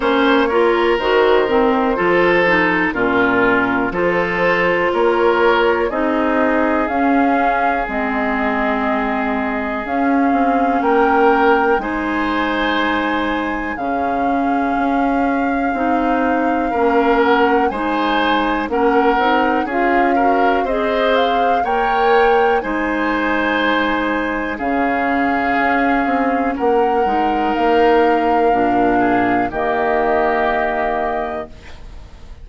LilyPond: <<
  \new Staff \with { instrumentName = "flute" } { \time 4/4 \tempo 4 = 61 cis''4 c''2 ais'4 | c''4 cis''4 dis''4 f''4 | dis''2 f''4 g''4 | gis''2 f''2~ |
f''4. fis''8 gis''4 fis''4 | f''4 dis''8 f''8 g''4 gis''4~ | gis''4 f''2 fis''4 | f''2 dis''2 | }
  \new Staff \with { instrumentName = "oboe" } { \time 4/4 c''8 ais'4. a'4 f'4 | a'4 ais'4 gis'2~ | gis'2. ais'4 | c''2 gis'2~ |
gis'4 ais'4 c''4 ais'4 | gis'8 ais'8 c''4 cis''4 c''4~ | c''4 gis'2 ais'4~ | ais'4. gis'8 g'2 | }
  \new Staff \with { instrumentName = "clarinet" } { \time 4/4 cis'8 f'8 fis'8 c'8 f'8 dis'8 cis'4 | f'2 dis'4 cis'4 | c'2 cis'2 | dis'2 cis'2 |
dis'4 cis'4 dis'4 cis'8 dis'8 | f'8 fis'8 gis'4 ais'4 dis'4~ | dis'4 cis'2~ cis'8 dis'8~ | dis'4 d'4 ais2 | }
  \new Staff \with { instrumentName = "bassoon" } { \time 4/4 ais4 dis4 f4 ais,4 | f4 ais4 c'4 cis'4 | gis2 cis'8 c'8 ais4 | gis2 cis4 cis'4 |
c'4 ais4 gis4 ais8 c'8 | cis'4 c'4 ais4 gis4~ | gis4 cis4 cis'8 c'8 ais8 gis8 | ais4 ais,4 dis2 | }
>>